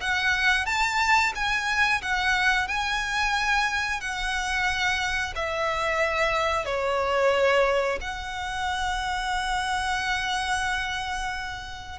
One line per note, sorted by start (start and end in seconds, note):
0.00 0.65 F#5
0.65 1.32 A5
1.35 2.01 G#5
2.02 2.67 F#5
2.67 4.00 G#5
4.00 5.34 F#5
5.35 6.65 E5
6.65 7.98 C#5
8.01 11.98 F#5